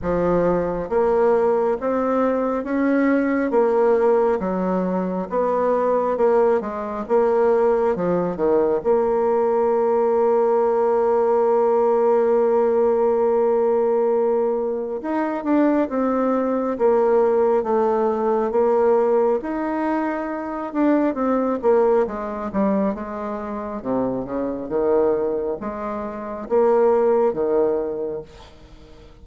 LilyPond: \new Staff \with { instrumentName = "bassoon" } { \time 4/4 \tempo 4 = 68 f4 ais4 c'4 cis'4 | ais4 fis4 b4 ais8 gis8 | ais4 f8 dis8 ais2~ | ais1~ |
ais4 dis'8 d'8 c'4 ais4 | a4 ais4 dis'4. d'8 | c'8 ais8 gis8 g8 gis4 c8 cis8 | dis4 gis4 ais4 dis4 | }